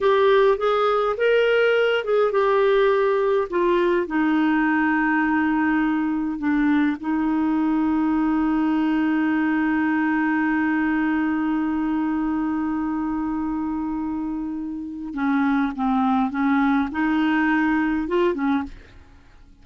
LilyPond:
\new Staff \with { instrumentName = "clarinet" } { \time 4/4 \tempo 4 = 103 g'4 gis'4 ais'4. gis'8 | g'2 f'4 dis'4~ | dis'2. d'4 | dis'1~ |
dis'1~ | dis'1~ | dis'2 cis'4 c'4 | cis'4 dis'2 f'8 cis'8 | }